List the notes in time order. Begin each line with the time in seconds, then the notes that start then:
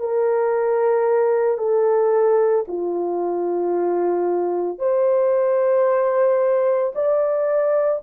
0.00 A#4
1.58 A4
2.68 F4
4.79 C5
6.95 D5